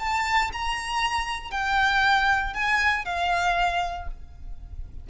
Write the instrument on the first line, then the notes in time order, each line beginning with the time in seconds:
violin
0.00 A5
0.53 A#5
1.52 G5
2.54 G#5
3.05 F5